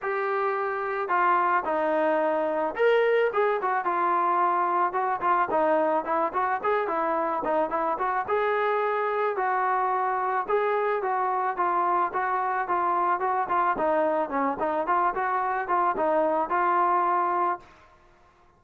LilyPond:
\new Staff \with { instrumentName = "trombone" } { \time 4/4 \tempo 4 = 109 g'2 f'4 dis'4~ | dis'4 ais'4 gis'8 fis'8 f'4~ | f'4 fis'8 f'8 dis'4 e'8 fis'8 | gis'8 e'4 dis'8 e'8 fis'8 gis'4~ |
gis'4 fis'2 gis'4 | fis'4 f'4 fis'4 f'4 | fis'8 f'8 dis'4 cis'8 dis'8 f'8 fis'8~ | fis'8 f'8 dis'4 f'2 | }